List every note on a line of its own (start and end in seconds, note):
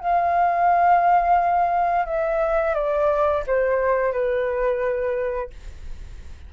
0.00 2.06 F5
2.06 2.74 E5
2.74 3.43 D5
3.47 4.12 C5
4.12 5.50 B4